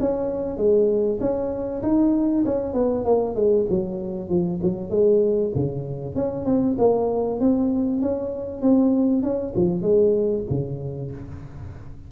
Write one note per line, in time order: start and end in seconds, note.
0.00 0.58 C#4
0.58 1.19 G#3
1.20 1.82 C#4
1.83 2.45 D#4
2.45 2.74 C#4
2.74 3.05 B3
3.05 3.35 A#3
3.35 3.66 G#3
3.70 4.30 F#3
4.30 4.61 F3
4.63 4.90 F#3
4.90 5.52 G#3
5.55 6.15 C#3
6.15 6.46 C#4
6.46 6.76 C4
6.79 7.40 A#3
7.40 8.02 C4
8.02 8.62 C#4
8.62 9.23 C4
9.23 9.54 C#4
9.56 9.82 F3
9.82 10.44 G#3
10.50 11.12 C#3